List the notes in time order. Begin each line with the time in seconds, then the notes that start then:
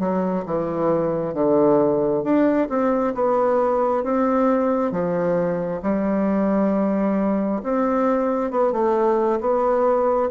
0.00 F#3
0.46 E3
1.34 D3
2.23 D4
2.69 C4
3.15 B3
4.04 C4
4.92 F3
5.82 G3
7.64 C4
8.51 B3
8.73 A3
9.41 B3